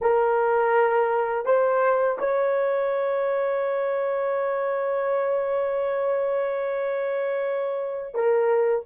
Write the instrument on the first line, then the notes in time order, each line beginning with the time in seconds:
horn
0.01 A#4
1.45 C5
2.19 C#5
8.14 A#4